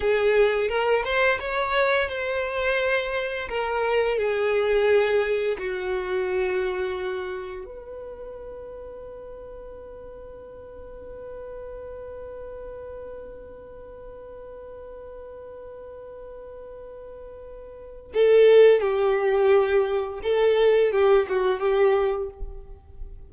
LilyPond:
\new Staff \with { instrumentName = "violin" } { \time 4/4 \tempo 4 = 86 gis'4 ais'8 c''8 cis''4 c''4~ | c''4 ais'4 gis'2 | fis'2. b'4~ | b'1~ |
b'1~ | b'1~ | b'2 a'4 g'4~ | g'4 a'4 g'8 fis'8 g'4 | }